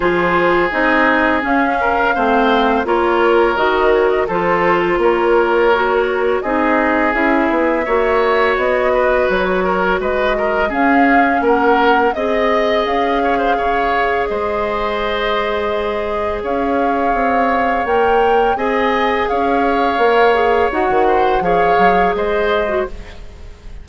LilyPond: <<
  \new Staff \with { instrumentName = "flute" } { \time 4/4 \tempo 4 = 84 c''4 dis''4 f''2 | cis''4 dis''8 cis''16 dis''16 c''4 cis''4~ | cis''4 dis''4 e''2 | dis''4 cis''4 dis''4 f''4 |
fis''4 dis''4 f''2 | dis''2. f''4~ | f''4 g''4 gis''4 f''4~ | f''4 fis''4 f''4 dis''4 | }
  \new Staff \with { instrumentName = "oboe" } { \time 4/4 gis'2~ gis'8 ais'8 c''4 | ais'2 a'4 ais'4~ | ais'4 gis'2 cis''4~ | cis''8 b'4 ais'8 b'8 ais'8 gis'4 |
ais'4 dis''4. cis''16 c''16 cis''4 | c''2. cis''4~ | cis''2 dis''4 cis''4~ | cis''4. c''8 cis''4 c''4 | }
  \new Staff \with { instrumentName = "clarinet" } { \time 4/4 f'4 dis'4 cis'4 c'4 | f'4 fis'4 f'2 | fis'4 dis'4 e'4 fis'4~ | fis'2. cis'4~ |
cis'4 gis'2.~ | gis'1~ | gis'4 ais'4 gis'2 | ais'8 gis'8 fis'4 gis'4.~ gis'16 fis'16 | }
  \new Staff \with { instrumentName = "bassoon" } { \time 4/4 f4 c'4 cis'4 a4 | ais4 dis4 f4 ais4~ | ais4 c'4 cis'8 b8 ais4 | b4 fis4 gis4 cis'4 |
ais4 c'4 cis'4 cis4 | gis2. cis'4 | c'4 ais4 c'4 cis'4 | ais4 dis'16 dis8. f8 fis8 gis4 | }
>>